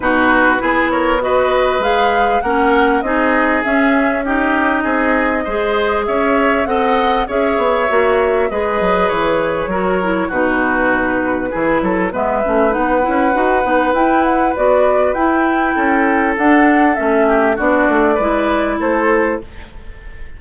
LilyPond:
<<
  \new Staff \with { instrumentName = "flute" } { \time 4/4 \tempo 4 = 99 b'4. cis''8 dis''4 f''4 | fis''4 dis''4 e''4 dis''4~ | dis''2 e''4 fis''4 | e''2 dis''4 cis''4~ |
cis''4 b'2. | e''4 fis''2 g''8 fis''8 | d''4 g''2 fis''4 | e''4 d''2 c''4 | }
  \new Staff \with { instrumentName = "oboe" } { \time 4/4 fis'4 gis'8 ais'8 b'2 | ais'4 gis'2 g'4 | gis'4 c''4 cis''4 dis''4 | cis''2 b'2 |
ais'4 fis'2 gis'8 a'8 | b'1~ | b'2 a'2~ | a'8 g'8 fis'4 b'4 a'4 | }
  \new Staff \with { instrumentName = "clarinet" } { \time 4/4 dis'4 e'4 fis'4 gis'4 | cis'4 dis'4 cis'4 dis'4~ | dis'4 gis'2 a'4 | gis'4 fis'4 gis'2 |
fis'8 e'8 dis'2 e'4 | b8 cis'8 dis'8 e'8 fis'8 dis'8 e'4 | fis'4 e'2 d'4 | cis'4 d'4 e'2 | }
  \new Staff \with { instrumentName = "bassoon" } { \time 4/4 b,4 b2 gis4 | ais4 c'4 cis'2 | c'4 gis4 cis'4 c'4 | cis'8 b8 ais4 gis8 fis8 e4 |
fis4 b,2 e8 fis8 | gis8 a8 b8 cis'8 dis'8 b8 e'4 | b4 e'4 cis'4 d'4 | a4 b8 a8 gis4 a4 | }
>>